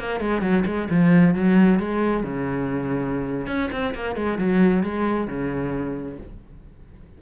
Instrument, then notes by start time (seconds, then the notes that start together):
cello
0.00 A#3
0.21 G#3
0.42 F#3
0.66 G#3
0.91 F3
1.35 F#3
1.80 G#3
2.24 C#3
3.48 C#4
3.72 C4
3.95 A#3
4.16 G#3
4.39 F#3
4.84 G#3
5.28 C#3